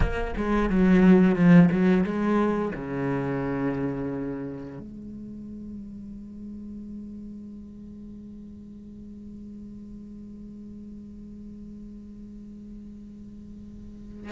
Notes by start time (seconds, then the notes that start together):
0.00 A#3
0.36 G#3
0.69 F#3
1.35 F3
1.71 F#3
2.03 G#3
2.74 C#3
4.79 G#3